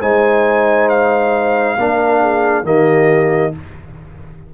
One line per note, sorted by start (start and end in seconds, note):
0.00 1.77 G#3
0.00 1.78 D#4
0.00 1.76 C5
0.00 0.90 G#5
0.90 2.66 F5
1.78 2.63 A#3
1.78 2.64 D4
1.78 2.21 A#4
2.21 2.65 G#4
2.63 3.52 D#3
2.63 3.52 A#3
2.63 3.54 G4
2.63 3.54 D#5